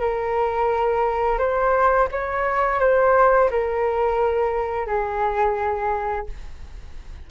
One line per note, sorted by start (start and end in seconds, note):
0.00 1.38 A#4
1.38 2.08 C5
2.12 2.80 C#5
2.80 3.49 C5
3.50 4.87 A#4
4.87 6.26 G#4